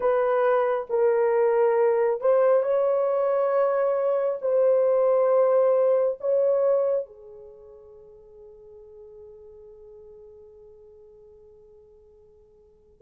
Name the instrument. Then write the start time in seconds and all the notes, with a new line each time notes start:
horn
0.00 B4
0.89 A#4
2.21 C5
2.62 C#5
4.41 C5
6.20 C#5
7.06 G#4